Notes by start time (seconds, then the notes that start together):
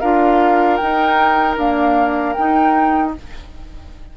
0.00 D4 F4 A#4 F5
0.76 D#4 G5
1.56 A#3 D4 F5
2.32 D#4 G5
2.38 D#4